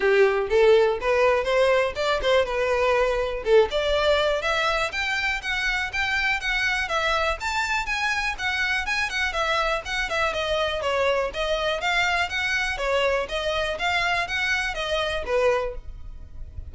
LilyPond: \new Staff \with { instrumentName = "violin" } { \time 4/4 \tempo 4 = 122 g'4 a'4 b'4 c''4 | d''8 c''8 b'2 a'8 d''8~ | d''4 e''4 g''4 fis''4 | g''4 fis''4 e''4 a''4 |
gis''4 fis''4 gis''8 fis''8 e''4 | fis''8 e''8 dis''4 cis''4 dis''4 | f''4 fis''4 cis''4 dis''4 | f''4 fis''4 dis''4 b'4 | }